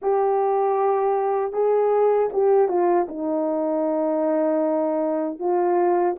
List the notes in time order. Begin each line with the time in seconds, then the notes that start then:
0.02 G4
1.52 G#4
2.33 G4
2.68 F4
3.08 D#4
5.38 F4